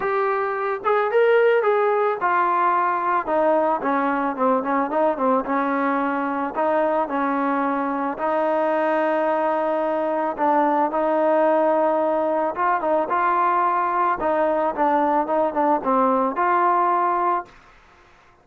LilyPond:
\new Staff \with { instrumentName = "trombone" } { \time 4/4 \tempo 4 = 110 g'4. gis'8 ais'4 gis'4 | f'2 dis'4 cis'4 | c'8 cis'8 dis'8 c'8 cis'2 | dis'4 cis'2 dis'4~ |
dis'2. d'4 | dis'2. f'8 dis'8 | f'2 dis'4 d'4 | dis'8 d'8 c'4 f'2 | }